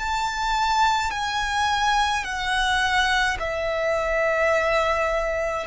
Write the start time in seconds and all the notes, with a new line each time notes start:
0.00 A5
1.11 G#5
2.24 F#5
3.40 E5